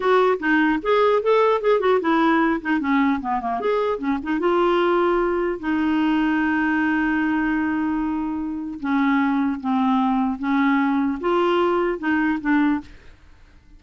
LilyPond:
\new Staff \with { instrumentName = "clarinet" } { \time 4/4 \tempo 4 = 150 fis'4 dis'4 gis'4 a'4 | gis'8 fis'8 e'4. dis'8 cis'4 | b8 ais8 gis'4 cis'8 dis'8 f'4~ | f'2 dis'2~ |
dis'1~ | dis'2 cis'2 | c'2 cis'2 | f'2 dis'4 d'4 | }